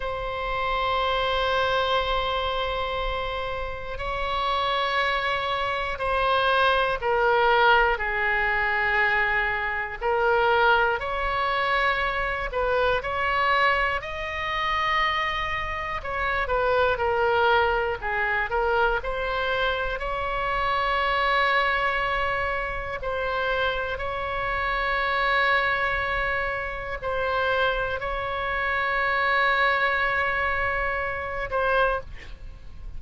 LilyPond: \new Staff \with { instrumentName = "oboe" } { \time 4/4 \tempo 4 = 60 c''1 | cis''2 c''4 ais'4 | gis'2 ais'4 cis''4~ | cis''8 b'8 cis''4 dis''2 |
cis''8 b'8 ais'4 gis'8 ais'8 c''4 | cis''2. c''4 | cis''2. c''4 | cis''2.~ cis''8 c''8 | }